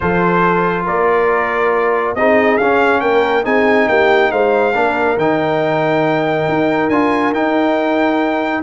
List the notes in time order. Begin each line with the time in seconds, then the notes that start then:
0.00 F3 F4 A4 C5
0.85 A#3 A#4 D5
2.15 C4 D#4 G#4 D#5
2.57 C#4 F5
3.00 A#3 A#4 G5
3.43 C4 D#4 G#4 G#5
3.88 A#3 G4 G5
4.31 G#3 C5 F5
4.73 A#3 D4 A#4
5.17 D#3 D#4 G5
6.48 D#4
6.89 D4 F4 G#5
7.31 D#4 G5